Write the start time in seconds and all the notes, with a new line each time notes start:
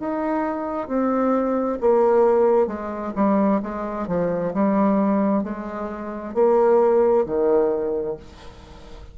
0.00 D#4
0.88 C4
1.81 A#3
2.67 G#3
3.16 G3
3.63 G#3
4.08 F3
4.54 G3
5.44 G#3
6.35 A#3
7.26 D#3